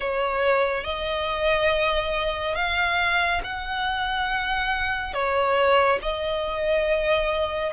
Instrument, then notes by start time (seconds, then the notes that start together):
violin
0.00 C#5
0.84 D#5
2.55 F5
3.43 F#5
5.13 C#5
6.02 D#5